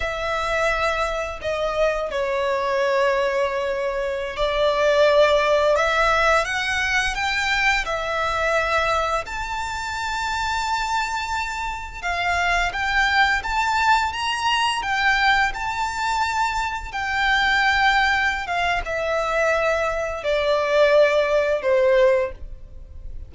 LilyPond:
\new Staff \with { instrumentName = "violin" } { \time 4/4 \tempo 4 = 86 e''2 dis''4 cis''4~ | cis''2~ cis''16 d''4.~ d''16~ | d''16 e''4 fis''4 g''4 e''8.~ | e''4~ e''16 a''2~ a''8.~ |
a''4~ a''16 f''4 g''4 a''8.~ | a''16 ais''4 g''4 a''4.~ a''16~ | a''16 g''2~ g''16 f''8 e''4~ | e''4 d''2 c''4 | }